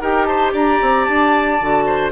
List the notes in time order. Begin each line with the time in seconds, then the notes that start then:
0.00 D#4 G4 A#4 G5
0.24 C5 A5
0.52 D4 D5 A#5
0.81 C4
1.04 D4 A5
1.60 D3 F#4
1.86 C5